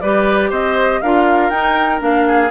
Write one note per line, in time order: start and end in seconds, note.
0.00 0.51 G3
0.00 1.04 G4
0.00 0.49 B4
0.00 0.50 D5
0.49 1.01 C4
0.49 0.99 C5
0.49 1.01 D#5
1.01 1.50 D4
1.01 1.52 F4
1.01 2.27 A#4
1.01 1.50 F5
1.50 2.00 D#4
1.50 1.99 D#4
1.50 2.00 G5
1.99 2.51 A#3
1.99 2.49 D4
1.99 2.51 F5
2.27 2.51 G#4